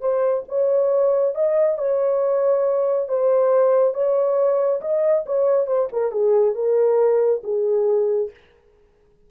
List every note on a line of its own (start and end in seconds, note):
0.00 0.43 C5
0.48 1.35 C#5
1.35 1.78 D#5
1.78 3.08 C#5
3.08 3.94 C5
3.94 4.81 C#5
4.81 5.24 D#5
5.26 5.67 C#5
5.67 5.88 C5
5.92 6.11 A#4
6.11 6.55 G#4
6.55 7.42 A#4
7.43 8.30 G#4